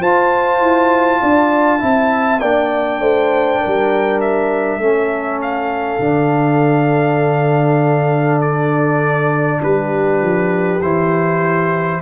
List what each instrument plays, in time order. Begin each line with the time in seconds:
0.00 trombone F4, tuba F4, horn C5, trumpet A5
0.60 tuba E4
1.22 tuba D4, horn D5
1.79 tuba C4, trombone E4, horn E5
2.40 tuba A#3, trombone D4, horn D5, trumpet G5
3.00 tuba A3, horn C5
3.61 tuba G3, horn A#4
4.21 trumpet E5
4.79 tuba A3, trombone C#4, horn A4
5.42 trumpet F5
6.00 tuba D3, trombone D4
8.41 trumpet D5
9.62 tuba G3, horn G4, trumpet B4
10.21 tuba F3
10.81 tuba E3, trombone E4, trumpet C5